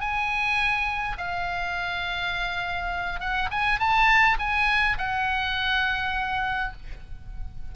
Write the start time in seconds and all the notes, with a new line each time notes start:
0.00 G#5
1.18 F5
3.20 F#5
3.51 G#5
3.79 A5
4.39 G#5
4.98 F#5